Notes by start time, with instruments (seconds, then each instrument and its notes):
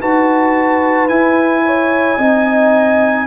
0.00 tuba D#4, trombone F#4, horn B4, trumpet A5
1.09 trombone E4, tuba E4, trumpet G#5
1.66 horn C#5
2.18 tuba C4, trombone D#4, horn D#5